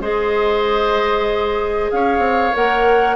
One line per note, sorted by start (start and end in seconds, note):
0.00 1.89 G#3
0.00 2.53 G#4
0.00 1.91 C5
0.00 1.91 D#5
1.91 2.18 C#4
1.91 3.16 C#5
1.91 2.54 F5
2.18 2.50 C4
2.53 3.16 A#3
2.53 3.16 A#4
2.53 3.16 F#5